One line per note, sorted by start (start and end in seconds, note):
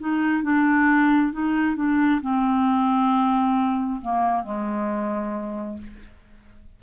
0.00 0.43 D#4
0.43 1.33 D4
1.33 1.77 D#4
1.77 2.21 D4
2.22 4.01 C4
4.01 4.44 A#3
4.44 5.78 G#3